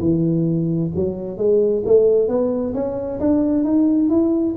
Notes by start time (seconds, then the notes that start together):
0.00 E3
0.95 F#3
1.37 G#3
1.86 A3
2.29 B3
2.74 C#4
3.20 D4
3.64 D#4
4.10 E4